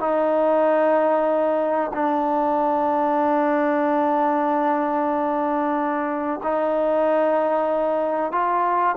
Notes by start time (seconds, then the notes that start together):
0.00 D#4
1.94 D4
6.43 D#4
8.32 F4